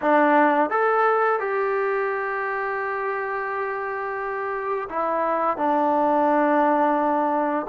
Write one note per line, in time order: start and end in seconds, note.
0.01 0.69 D4
0.69 1.39 A4
1.39 4.88 G4
4.89 5.57 E4
5.57 7.66 D4